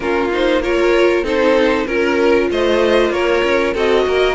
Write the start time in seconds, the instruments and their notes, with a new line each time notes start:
0.00 cello A#3, viola C#4, violin F4 A#4
0.32 viola D#4, violin C5
0.62 viola F4, violin A#4 C#5
1.23 cello C4, viola D#4, violin A4 C5
1.86 cello C#4, viola F4, violin A#4
2.50 cello A3, violin C5 D#5
3.10 cello A#3, violin A#4 C#5
3.44 cello C#4
3.73 cello C4, viola F#4, violin A4 D#5
4.06 cello A#3, violin A#4